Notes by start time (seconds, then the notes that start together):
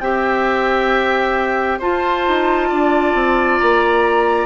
0.00 C4 G4 E5 G5
1.79 F4 C5 A5
2.28 D#4
2.69 D4 D5
3.14 C4
3.58 A#3 A#5